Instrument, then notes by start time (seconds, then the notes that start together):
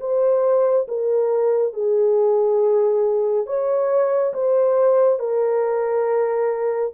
horn
0.00 C5
0.88 A#4
1.74 G#4
3.47 C#5
4.34 C5
5.19 A#4